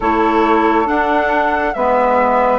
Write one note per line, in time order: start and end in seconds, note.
0.00 0.87 A3
0.00 0.85 E4
0.00 1.73 A4
0.00 0.87 C#5
0.85 1.72 D4
0.85 1.74 D4
0.85 1.73 F#5
1.73 2.59 G#3
1.73 2.59 B3
1.73 2.59 B4
1.73 2.59 E5